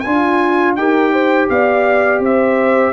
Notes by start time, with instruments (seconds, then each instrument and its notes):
0.00 trombone F4, trumpet G#5
0.06 tuba D4, horn F4
0.76 tuba D#4, trombone G4, horn A#4, trumpet G5
1.12 horn C5
1.49 tuba B3, horn D5, trumpet F5
2.19 tuba C4, horn C5, trumpet E5